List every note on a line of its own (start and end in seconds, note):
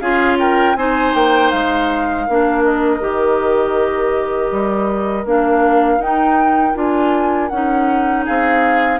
0.00 0.76 C#4
0.00 0.77 F4
0.00 0.39 G#4
0.00 0.38 F5
0.39 0.77 A#4
0.39 0.77 G5
0.76 1.13 C4
0.76 2.27 D#4
0.76 2.27 C5
0.76 1.14 G#5
1.15 1.52 A#3
1.15 1.51 G5
1.51 2.28 G#3
1.51 2.64 F5
2.27 3.01 A#3
2.27 3.00 D4
2.27 8.25 A#4
2.64 5.27 D#5
3.00 4.51 D#3
3.00 5.25 G4
4.51 5.25 G3
5.25 5.98 A#3
5.25 6.00 D4
5.25 6.02 F5
5.98 6.73 D#4
5.98 6.75 D#4
5.98 6.77 G5
6.75 7.51 D4
6.75 7.50 F4
6.75 7.48 G#5
7.48 8.26 C#4
7.48 9.00 D#4
7.48 8.23 F#5
8.25 9.00 C4
8.25 9.00 G#4
8.25 9.00 F5